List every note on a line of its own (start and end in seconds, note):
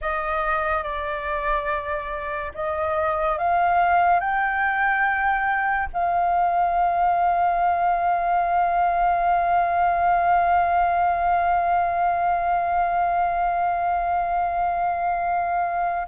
0.01 0.83 D#5
0.83 2.52 D5
2.54 3.38 D#5
3.38 4.19 F5
4.19 5.88 G5
5.93 16.07 F5